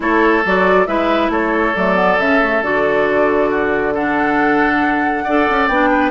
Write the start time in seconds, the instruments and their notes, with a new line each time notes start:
0.00 bassoon A3, clarinet E4, oboe A4, flute C#5
0.45 bassoon F#3, clarinet F#4, flute D5
0.86 bassoon G#3, clarinet E4, oboe B4, flute E5
1.29 bassoon A3, oboe A4, flute C#5
1.75 bassoon F#3, clarinet A3, flute D5
1.95 clarinet B3
2.17 bassoon C#3, clarinet C#4, flute E5
2.40 clarinet A3
2.61 bassoon D3, clarinet F#4, flute D5
3.50 oboe F#4
3.94 clarinet D4, oboe A4, flute F#5
5.24 bassoon D4, clarinet A4, oboe D5
5.49 bassoon C#4
5.67 bassoon B3, clarinet D4, flute G5
5.91 oboe B4